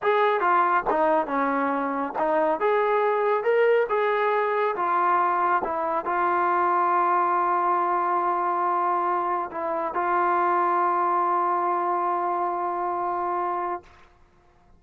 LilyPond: \new Staff \with { instrumentName = "trombone" } { \time 4/4 \tempo 4 = 139 gis'4 f'4 dis'4 cis'4~ | cis'4 dis'4 gis'2 | ais'4 gis'2 f'4~ | f'4 e'4 f'2~ |
f'1~ | f'2 e'4 f'4~ | f'1~ | f'1 | }